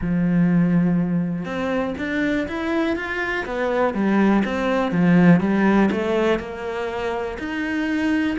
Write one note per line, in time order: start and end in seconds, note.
0.01 1.45 F3
1.45 1.94 C4
1.98 2.47 D4
2.47 2.96 E4
2.96 3.45 F4
3.45 3.93 B3
3.93 4.43 G3
4.44 4.91 C4
4.91 5.40 F3
5.40 5.89 G3
5.91 6.39 A3
6.39 7.37 A#3
7.39 8.37 D#4